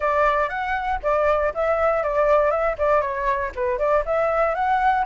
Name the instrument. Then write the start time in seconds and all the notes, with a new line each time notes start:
flute
0.00 D5
0.49 F#5
1.02 D5
1.54 E5
2.03 D5
2.50 E5
2.77 D5
3.01 C#5
3.55 B4
3.78 D5
4.05 E5
4.54 F#5